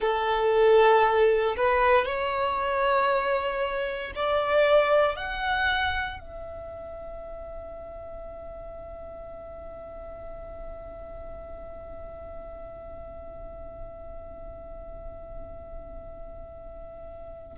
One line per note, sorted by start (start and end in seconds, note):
0.00 1.56 A4
1.56 2.05 B4
2.05 4.12 C#5
4.15 5.16 D5
5.16 6.19 F#5
6.19 17.57 E5